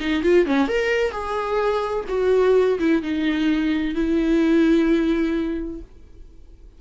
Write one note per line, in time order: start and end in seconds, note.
0.00 0.23 D#4
0.23 0.46 F4
0.46 0.68 C#4
0.68 1.12 A#4
1.12 2.05 G#4
2.09 2.78 F#4
2.79 3.03 E4
3.03 3.95 D#4
3.95 5.81 E4